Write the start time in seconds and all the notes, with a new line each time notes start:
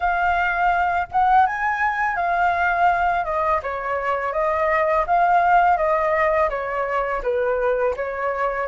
0.00 F5
1.11 F#5
1.46 G#5
2.16 F5
3.24 D#5
3.62 C#5
4.32 D#5
5.06 F5
5.77 D#5
6.49 C#5
7.22 B4
7.96 C#5